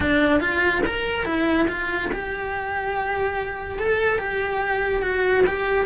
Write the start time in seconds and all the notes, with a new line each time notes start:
0.00 D4
0.40 F4
0.85 A#4
1.25 E4
1.68 F4
2.12 G4
3.79 A4
4.18 G4
5.02 F#4
5.46 G4